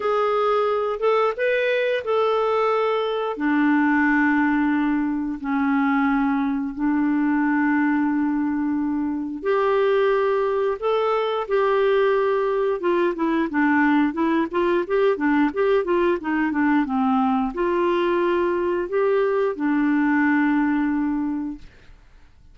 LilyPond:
\new Staff \with { instrumentName = "clarinet" } { \time 4/4 \tempo 4 = 89 gis'4. a'8 b'4 a'4~ | a'4 d'2. | cis'2 d'2~ | d'2 g'2 |
a'4 g'2 f'8 e'8 | d'4 e'8 f'8 g'8 d'8 g'8 f'8 | dis'8 d'8 c'4 f'2 | g'4 d'2. | }